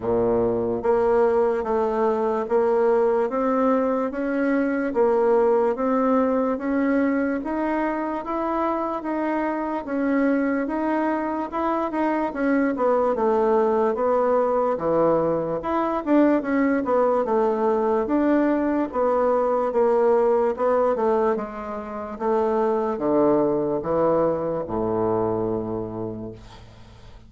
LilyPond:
\new Staff \with { instrumentName = "bassoon" } { \time 4/4 \tempo 4 = 73 ais,4 ais4 a4 ais4 | c'4 cis'4 ais4 c'4 | cis'4 dis'4 e'4 dis'4 | cis'4 dis'4 e'8 dis'8 cis'8 b8 |
a4 b4 e4 e'8 d'8 | cis'8 b8 a4 d'4 b4 | ais4 b8 a8 gis4 a4 | d4 e4 a,2 | }